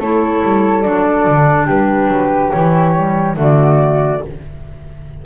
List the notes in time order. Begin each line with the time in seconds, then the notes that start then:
0.00 A3 E4 A4 C#5
0.43 G3
0.83 F#3 D4 D5
1.27 D3
1.66 G3 G4 B4
2.08 F#3
2.51 E3 E4 C#5
2.95 G3
3.36 D3 A3 F#4 D5